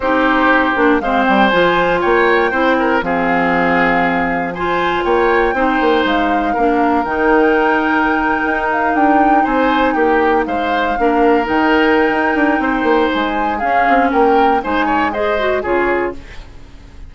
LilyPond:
<<
  \new Staff \with { instrumentName = "flute" } { \time 4/4 \tempo 4 = 119 c''2 f''8 g''8 gis''4 | g''2 f''2~ | f''4 gis''4 g''2 | f''2 g''2~ |
g''4~ g''16 f''8 g''4 gis''4 g''16~ | g''8. f''2 g''4~ g''16~ | g''2 gis''4 f''4 | g''4 gis''4 dis''4 cis''4 | }
  \new Staff \with { instrumentName = "oboe" } { \time 4/4 g'2 c''2 | cis''4 c''8 ais'8 gis'2~ | gis'4 c''4 cis''4 c''4~ | c''4 ais'2.~ |
ais'2~ ais'8. c''4 g'16~ | g'8. c''4 ais'2~ ais'16~ | ais'4 c''2 gis'4 | ais'4 c''8 cis''8 c''4 gis'4 | }
  \new Staff \with { instrumentName = "clarinet" } { \time 4/4 dis'4. d'8 c'4 f'4~ | f'4 e'4 c'2~ | c'4 f'2 dis'4~ | dis'4 d'4 dis'2~ |
dis'1~ | dis'4.~ dis'16 d'4 dis'4~ dis'16~ | dis'2. cis'4~ | cis'4 dis'4 gis'8 fis'8 f'4 | }
  \new Staff \with { instrumentName = "bassoon" } { \time 4/4 c'4. ais8 gis8 g8 f4 | ais4 c'4 f2~ | f2 ais4 c'8 ais8 | gis4 ais4 dis2~ |
dis8. dis'4 d'4 c'4 ais16~ | ais8. gis4 ais4 dis4~ dis16 | dis'8 d'8 c'8 ais8 gis4 cis'8 c'8 | ais4 gis2 cis4 | }
>>